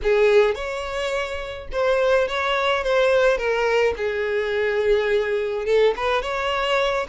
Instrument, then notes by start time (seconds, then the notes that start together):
violin
0.02 G#4
0.54 C#5
1.72 C5
2.27 C#5
2.83 C5
3.37 A#4
3.96 G#4
5.65 A4
5.96 B4
6.22 C#5